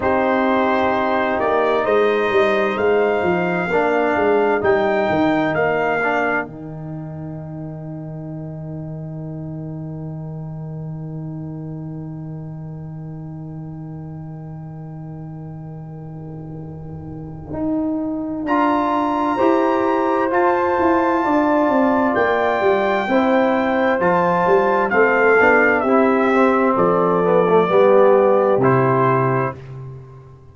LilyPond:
<<
  \new Staff \with { instrumentName = "trumpet" } { \time 4/4 \tempo 4 = 65 c''4. d''8 dis''4 f''4~ | f''4 g''4 f''4 g''4~ | g''1~ | g''1~ |
g''1 | ais''2 a''2 | g''2 a''4 f''4 | e''4 d''2 c''4 | }
  \new Staff \with { instrumentName = "horn" } { \time 4/4 g'2 c''2 | ais'1~ | ais'1~ | ais'1~ |
ais'1~ | ais'4 c''2 d''4~ | d''4 c''2 a'4 | g'4 a'4 g'2 | }
  \new Staff \with { instrumentName = "trombone" } { \time 4/4 dis'1 | d'4 dis'4. d'8 dis'4~ | dis'1~ | dis'1~ |
dis'1 | f'4 g'4 f'2~ | f'4 e'4 f'4 c'8 d'8 | e'8 c'4 b16 a16 b4 e'4 | }
  \new Staff \with { instrumentName = "tuba" } { \time 4/4 c'4. ais8 gis8 g8 gis8 f8 | ais8 gis8 g8 dis8 ais4 dis4~ | dis1~ | dis1~ |
dis2. dis'4 | d'4 e'4 f'8 e'8 d'8 c'8 | ais8 g8 c'4 f8 g8 a8 b8 | c'4 f4 g4 c4 | }
>>